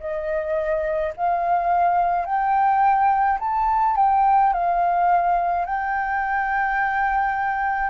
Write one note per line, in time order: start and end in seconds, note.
0.00 1.13 D#5
1.17 2.25 F5
2.25 3.39 G5
3.40 3.96 A5
3.96 4.53 G5
4.53 5.66 F5
5.66 7.90 G5